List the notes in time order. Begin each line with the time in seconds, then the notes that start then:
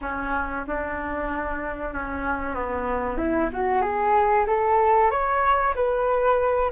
0.01 C#4
0.66 D4
1.93 C#4
2.54 B3
3.17 E4
3.52 F#4
3.81 G#4
4.47 A4
5.10 C#5
5.74 B4